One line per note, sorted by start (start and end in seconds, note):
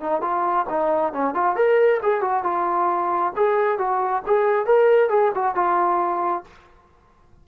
0.00 0.21 D#4
0.21 0.65 F4
0.69 1.13 D#4
1.13 1.34 C#4
1.34 1.56 F4
1.56 2.00 A#4
2.02 2.21 G#4
2.21 2.43 F#4
2.43 3.32 F4
3.36 3.78 G#4
3.78 4.22 F#4
4.26 4.66 G#4
4.66 5.09 A#4
5.09 5.31 G#4
5.34 5.55 F#4
5.55 6.44 F4